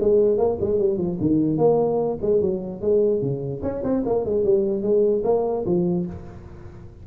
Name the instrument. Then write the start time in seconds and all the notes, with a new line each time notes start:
tuba
0.00 G#3
0.38 A#3
0.61 G#3
0.79 G3
0.98 F3
1.21 D#3
1.58 A#3
2.22 G#3
2.42 F#3
2.82 G#3
3.22 C#3
3.63 C#4
3.84 C4
4.06 A#3
4.25 G#3
4.45 G3
4.83 G#3
5.24 A#3
5.66 F3